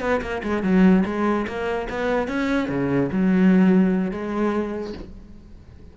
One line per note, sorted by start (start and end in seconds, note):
0.00 0.21 B3
0.21 0.42 A#3
0.43 0.63 G#3
0.63 1.04 F#3
1.05 1.46 G#3
1.47 1.88 A#3
1.89 2.28 B3
2.28 2.69 C#4
2.69 3.10 C#3
3.12 4.11 F#3
4.11 4.93 G#3